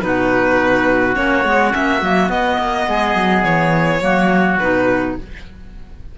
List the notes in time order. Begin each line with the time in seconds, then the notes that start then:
0.00 B2 D#4 B4
0.06 F#4
1.14 A#3 C#4 C#5
1.44 G#3 B3
1.70 A#3 C#4 E5
2.01 F#3 A#3
2.28 B3 D#5
2.58 A#3
2.87 G#3 G#4
3.15 F#3
3.43 E3 C#5
4.00 F#3 A#3 F#4
4.58 B2 D#4 B4